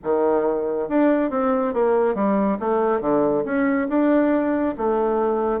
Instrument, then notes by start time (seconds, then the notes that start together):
bassoon
0.03 D#3
0.88 D4
1.30 C4
1.73 A#3
2.14 G3
2.59 A3
3.00 D3
3.44 C#4
3.88 D4
4.77 A3